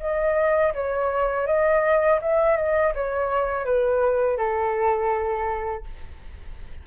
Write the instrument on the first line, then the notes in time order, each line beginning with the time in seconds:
flute
0.00 D#5
0.75 C#5
1.47 D#5
2.22 E5
2.57 D#5
2.95 C#5
3.65 B4
4.38 A4